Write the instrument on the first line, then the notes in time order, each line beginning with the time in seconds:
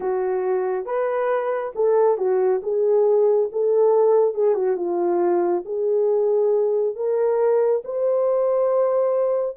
horn
0.00 F#4
0.85 B4
1.75 A4
2.17 F#4
2.62 G#4
3.52 A4
4.34 G#4
4.54 F#4
4.76 F4
5.65 G#4
6.95 A#4
7.84 C5